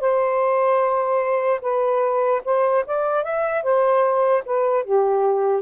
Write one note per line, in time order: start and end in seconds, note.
0.00 1.60 C5
1.61 2.41 B4
2.44 2.84 C5
2.86 3.23 D5
3.23 3.63 E5
3.63 4.43 C5
4.45 4.84 B4
4.84 5.62 G4